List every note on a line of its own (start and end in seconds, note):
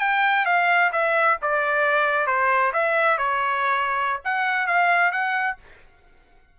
0.00 0.45 G5
0.45 0.91 F5
0.92 1.37 E5
1.42 2.27 D5
2.27 2.72 C5
2.73 3.18 E5
3.18 4.20 C#5
4.24 4.67 F#5
4.67 5.12 F5
5.12 5.57 F#5